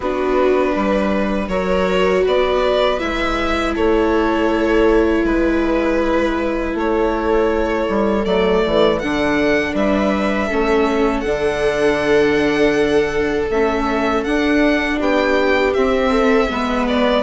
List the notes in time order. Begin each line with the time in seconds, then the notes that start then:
0.00 B3 D4 F#4 B4
0.73 G3 B4
1.48 F#3 F#4 A#4 C#5
2.23 B3 B4 D5
2.98 G#3 E4 E5
3.74 A3 A4 C#5
5.24 G#3 B4
6.74 A3 A4 C#5
7.89 G3
8.25 F#3 A3 D5
8.66 E3
8.99 D3 D4 F#5
9.73 G3 B4 E5
10.47 A3 C#4 A4
11.20 D3 D4 F#5
13.50 A3 C#4 E5
14.23 D4 F#5
14.99 B3 G4 G5
15.73 C4 E5
16.10 A4
16.49 G#3 B3 B4
16.87 D5